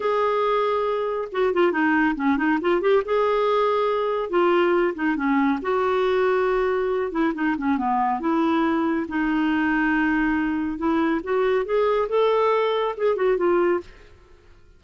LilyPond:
\new Staff \with { instrumentName = "clarinet" } { \time 4/4 \tempo 4 = 139 gis'2. fis'8 f'8 | dis'4 cis'8 dis'8 f'8 g'8 gis'4~ | gis'2 f'4. dis'8 | cis'4 fis'2.~ |
fis'8 e'8 dis'8 cis'8 b4 e'4~ | e'4 dis'2.~ | dis'4 e'4 fis'4 gis'4 | a'2 gis'8 fis'8 f'4 | }